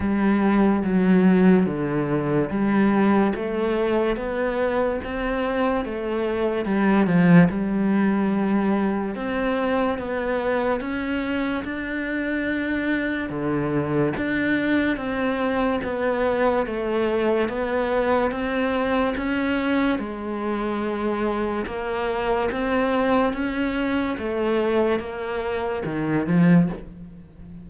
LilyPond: \new Staff \with { instrumentName = "cello" } { \time 4/4 \tempo 4 = 72 g4 fis4 d4 g4 | a4 b4 c'4 a4 | g8 f8 g2 c'4 | b4 cis'4 d'2 |
d4 d'4 c'4 b4 | a4 b4 c'4 cis'4 | gis2 ais4 c'4 | cis'4 a4 ais4 dis8 f8 | }